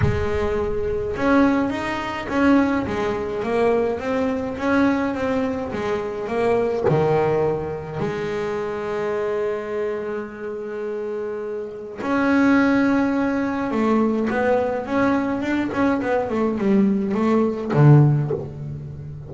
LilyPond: \new Staff \with { instrumentName = "double bass" } { \time 4/4 \tempo 4 = 105 gis2 cis'4 dis'4 | cis'4 gis4 ais4 c'4 | cis'4 c'4 gis4 ais4 | dis2 gis2~ |
gis1~ | gis4 cis'2. | a4 b4 cis'4 d'8 cis'8 | b8 a8 g4 a4 d4 | }